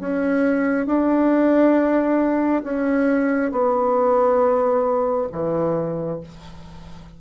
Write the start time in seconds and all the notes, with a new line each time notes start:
0.00 C#4
0.86 D4
2.64 C#4
3.51 B3
5.32 E3